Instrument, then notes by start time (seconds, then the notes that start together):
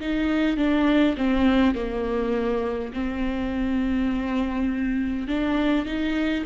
viola
0.00 D#4
0.57 D4
1.17 C4
1.75 A#3
2.93 C4
5.28 D4
5.86 D#4